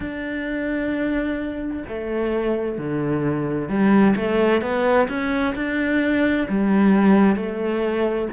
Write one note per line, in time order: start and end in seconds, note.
0.00 1.83 D4
1.88 2.77 A3
2.77 3.68 D3
3.68 4.15 G3
4.15 4.62 A3
4.62 5.08 B3
5.08 5.54 C#4
5.55 6.47 D4
6.48 7.36 G3
7.36 8.28 A3